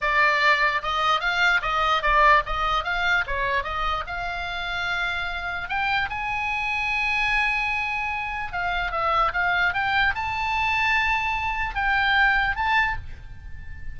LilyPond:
\new Staff \with { instrumentName = "oboe" } { \time 4/4 \tempo 4 = 148 d''2 dis''4 f''4 | dis''4 d''4 dis''4 f''4 | cis''4 dis''4 f''2~ | f''2 g''4 gis''4~ |
gis''1~ | gis''4 f''4 e''4 f''4 | g''4 a''2.~ | a''4 g''2 a''4 | }